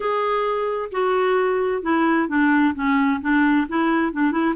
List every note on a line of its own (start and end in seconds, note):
0.00 0.89 G#4
0.91 1.82 F#4
1.82 2.28 E4
2.28 2.74 D4
2.74 3.20 C#4
3.21 3.67 D4
3.68 4.12 E4
4.12 4.31 D4
4.31 4.54 E4